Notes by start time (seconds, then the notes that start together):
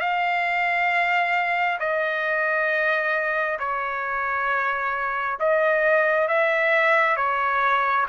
0.00 F5
1.80 D#5
3.60 C#5
5.40 D#5
6.28 E5
7.17 C#5